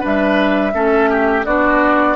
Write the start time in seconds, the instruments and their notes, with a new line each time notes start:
0.00 bassoon G3, clarinet D4, oboe B4, flute E5
0.73 bassoon A3, clarinet C#4, oboe A4
1.10 oboe G4
1.45 bassoon B3, clarinet D4, oboe F#4, flute D5